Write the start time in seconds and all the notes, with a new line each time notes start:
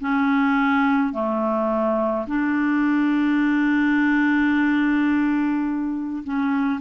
0.00 C#4
1.13 A3
2.27 D4
6.23 C#4